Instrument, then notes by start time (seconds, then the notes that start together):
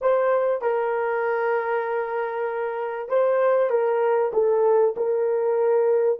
horn
0.01 C5
0.61 A#4
3.08 C5
3.69 A#4
4.33 A4
4.97 A#4